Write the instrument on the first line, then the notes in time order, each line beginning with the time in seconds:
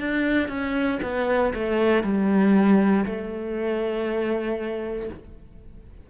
cello
0.00 D4
0.49 C#4
1.03 B3
1.54 A3
2.04 G3
3.06 A3